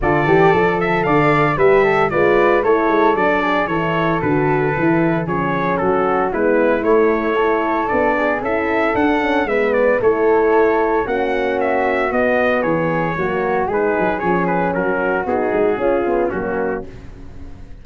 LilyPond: <<
  \new Staff \with { instrumentName = "trumpet" } { \time 4/4 \tempo 4 = 114 d''4. e''8 f''4 e''4 | d''4 cis''4 d''4 cis''4 | b'2 cis''4 a'4 | b'4 cis''2 d''4 |
e''4 fis''4 e''8 d''8 cis''4~ | cis''4 fis''4 e''4 dis''4 | cis''2 b'4 cis''8 b'8 | ais'4 gis'2 fis'4 | }
  \new Staff \with { instrumentName = "flute" } { \time 4/4 a'2 d''4 b'8 a'8 | b'4 a'4. gis'8 a'4~ | a'2 gis'4 fis'4 | e'2 a'4. gis'8 |
a'2 b'4 a'4~ | a'4 fis'2. | gis'4 fis'4 gis'2 | fis'2 f'4 cis'4 | }
  \new Staff \with { instrumentName = "horn" } { \time 4/4 f'8 g'8 a'2 g'4 | f'4 e'4 d'4 e'4 | fis'4 e'4 cis'2 | b4 a4 e'4 d'4 |
e'4 d'8 cis'8 b4 e'4~ | e'4 cis'2 b4~ | b4 ais4 dis'4 cis'4~ | cis'4 dis'4 cis'8 b8 ais4 | }
  \new Staff \with { instrumentName = "tuba" } { \time 4/4 d8 e8 f4 d4 g4 | gis4 a8 gis8 fis4 e4 | d4 e4 f4 fis4 | gis4 a2 b4 |
cis'4 d'4 gis4 a4~ | a4 ais2 b4 | e4 fis4 gis8 fis8 f4 | fis4 b8 gis8 cis'4 fis4 | }
>>